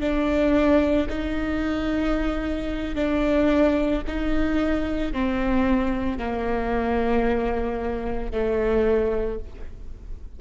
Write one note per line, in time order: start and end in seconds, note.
0.00 1.07 D4
1.09 2.95 D#4
2.95 4.02 D4
4.07 5.13 D#4
5.13 6.19 C4
6.19 8.32 A#3
8.32 9.39 A3